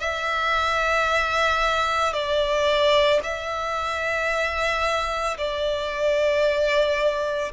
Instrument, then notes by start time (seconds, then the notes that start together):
violin
0.00 E5
2.13 D5
3.23 E5
5.38 D5